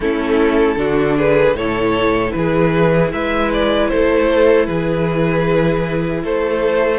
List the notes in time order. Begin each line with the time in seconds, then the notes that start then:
0.00 A3 C#4 E4 A4
0.76 D3 D4 F#4
1.16 G#4 B4
1.54 A2 E4 A4 C#5
2.31 E3 G#4 B4
3.12 G#3 B4 E5
3.52 D5
3.88 A3 A4 C5
4.65 E3 G#4 B4
6.23 A3 A4 C5